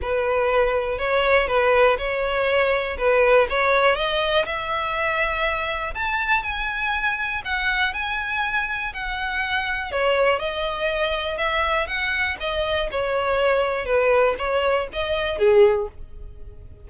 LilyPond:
\new Staff \with { instrumentName = "violin" } { \time 4/4 \tempo 4 = 121 b'2 cis''4 b'4 | cis''2 b'4 cis''4 | dis''4 e''2. | a''4 gis''2 fis''4 |
gis''2 fis''2 | cis''4 dis''2 e''4 | fis''4 dis''4 cis''2 | b'4 cis''4 dis''4 gis'4 | }